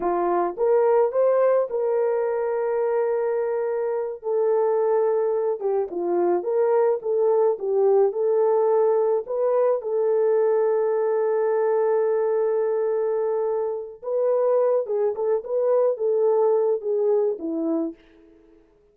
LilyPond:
\new Staff \with { instrumentName = "horn" } { \time 4/4 \tempo 4 = 107 f'4 ais'4 c''4 ais'4~ | ais'2.~ ais'8 a'8~ | a'2 g'8 f'4 ais'8~ | ais'8 a'4 g'4 a'4.~ |
a'8 b'4 a'2~ a'8~ | a'1~ | a'4 b'4. gis'8 a'8 b'8~ | b'8 a'4. gis'4 e'4 | }